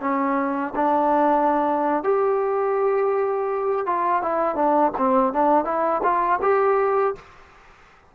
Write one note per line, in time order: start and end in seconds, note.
0.00 0.73 C#4
0.75 2.04 D4
2.04 3.86 G4
3.86 4.22 F4
4.22 4.55 E4
4.55 4.92 D4
4.98 5.33 C4
5.33 5.65 D4
5.65 6.01 E4
6.03 6.40 F4
6.42 7.15 G4